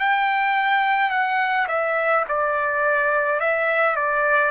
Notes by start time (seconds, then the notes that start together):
0.00 G5
1.11 F#5
1.69 E5
2.29 D5
3.41 E5
3.96 D5